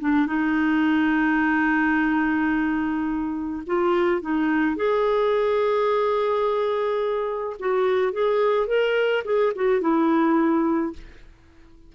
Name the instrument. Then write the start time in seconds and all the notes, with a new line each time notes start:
clarinet
0.00 D4
0.27 D#4
3.67 F4
4.22 D#4
4.77 G#4
7.60 F#4
8.13 G#4
8.68 A#4
9.25 G#4
9.56 F#4
9.81 E4